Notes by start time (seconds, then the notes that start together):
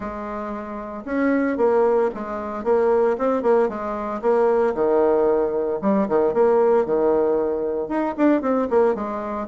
0.00 G#3
1.05 C#4
1.57 A#3
2.14 G#3
2.64 A#3
3.17 C4
3.42 A#3
3.68 G#3
4.21 A#3
4.74 D#3
5.81 G3
6.08 D#3
6.33 A#3
6.85 D#3
7.88 D#4
8.17 D4
8.41 C4
8.70 A#3
8.94 G#3